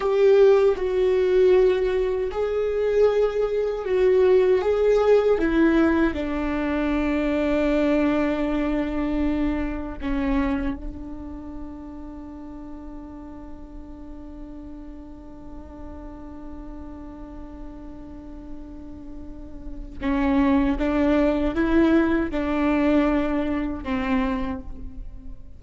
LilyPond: \new Staff \with { instrumentName = "viola" } { \time 4/4 \tempo 4 = 78 g'4 fis'2 gis'4~ | gis'4 fis'4 gis'4 e'4 | d'1~ | d'4 cis'4 d'2~ |
d'1~ | d'1~ | d'2 cis'4 d'4 | e'4 d'2 c'4 | }